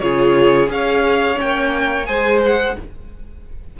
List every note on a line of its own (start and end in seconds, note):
0.00 0.68 C#3
0.00 0.67 F4
0.00 0.71 G#4
0.00 0.68 C#5
0.67 1.36 C#4
0.67 1.34 G#4
0.67 1.39 F5
0.73 2.08 C#5
1.34 2.02 C#4
1.34 2.06 G5
1.40 2.08 A#3
2.06 2.76 G#3
2.06 2.75 G#4
2.06 2.76 C5
2.06 2.40 G#5
2.45 2.79 F#5